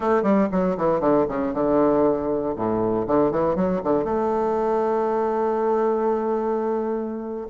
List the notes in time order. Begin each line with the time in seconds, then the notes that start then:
0.00 A3
0.22 G3
0.51 F#3
0.77 E3
1.00 D3
1.28 C#3
1.53 D3
2.55 A2
3.07 D3
3.31 E3
3.55 F#3
3.83 D3
4.04 A3